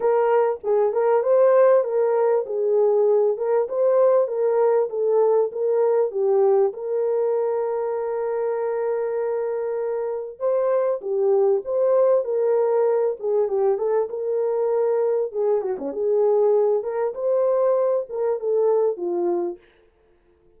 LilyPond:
\new Staff \with { instrumentName = "horn" } { \time 4/4 \tempo 4 = 98 ais'4 gis'8 ais'8 c''4 ais'4 | gis'4. ais'8 c''4 ais'4 | a'4 ais'4 g'4 ais'4~ | ais'1~ |
ais'4 c''4 g'4 c''4 | ais'4. gis'8 g'8 a'8 ais'4~ | ais'4 gis'8 fis'16 cis'16 gis'4. ais'8 | c''4. ais'8 a'4 f'4 | }